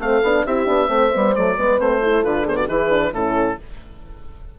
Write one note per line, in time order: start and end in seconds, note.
0.00 0.22 A3
0.00 0.23 C4
0.00 0.46 A4
0.00 0.47 F5
0.23 0.46 B3
0.23 0.47 D4
0.46 0.67 C4
0.46 0.66 E4
0.46 0.90 G4
0.46 1.36 E5
0.66 0.89 B3
0.66 0.88 D4
0.88 1.11 A3
0.88 1.10 C4
0.88 1.57 C5
1.13 1.38 G3
1.13 1.35 B3
1.35 1.58 F#3
1.35 1.57 A3
1.35 1.80 D5
1.57 1.80 G#3
1.57 1.79 B3
1.57 2.01 B4
1.79 2.24 A3
1.79 2.01 C4
1.79 2.25 C5
2.01 2.24 E4
2.01 2.44 A4
2.24 2.69 D3
2.24 2.46 F4
2.24 2.47 B4
2.44 2.68 B3
2.44 2.55 G#4
2.44 2.57 C5
2.57 2.67 F#4
2.57 2.68 D5
2.67 3.13 E3
2.67 2.90 E4
2.67 3.11 G#4
2.67 3.14 B4
2.90 3.13 D4
3.13 3.58 A2
3.13 3.59 C#4
3.13 3.58 E4
3.13 3.59 A4